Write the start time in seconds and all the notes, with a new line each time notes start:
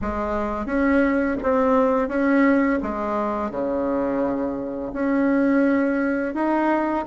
0.01 G#3
0.66 C#4
1.42 C4
2.08 C#4
2.82 G#3
3.51 C#3
4.93 C#4
6.34 D#4